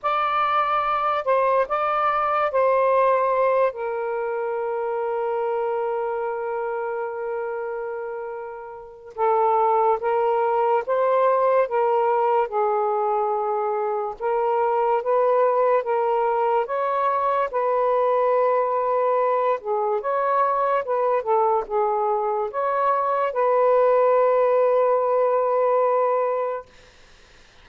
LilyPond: \new Staff \with { instrumentName = "saxophone" } { \time 4/4 \tempo 4 = 72 d''4. c''8 d''4 c''4~ | c''8 ais'2.~ ais'8~ | ais'2. a'4 | ais'4 c''4 ais'4 gis'4~ |
gis'4 ais'4 b'4 ais'4 | cis''4 b'2~ b'8 gis'8 | cis''4 b'8 a'8 gis'4 cis''4 | b'1 | }